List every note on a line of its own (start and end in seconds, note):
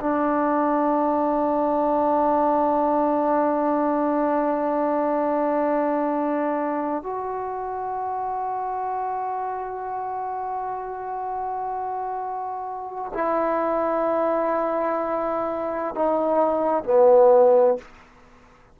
0.00 7.03 D4
7.03 13.12 F#4
13.13 15.95 E4
15.95 16.84 D#4
16.84 17.78 B3